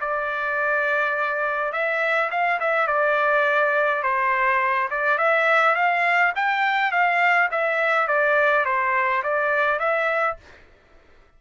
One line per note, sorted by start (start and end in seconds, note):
0.00 1.72 D5
1.72 2.30 E5
2.31 2.59 F5
2.60 2.87 E5
2.87 4.03 D5
4.03 4.89 C5
4.90 5.18 D5
5.18 5.75 E5
5.75 6.33 F5
6.35 6.92 G5
6.92 7.49 F5
7.51 8.08 E5
8.08 8.65 D5
8.65 9.23 C5
9.23 9.79 D5
9.79 10.37 E5